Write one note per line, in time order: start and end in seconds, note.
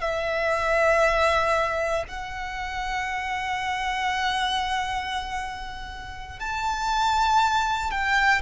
0.00 2.03 E5
2.08 6.39 F#5
6.39 7.90 A5
7.90 8.41 G5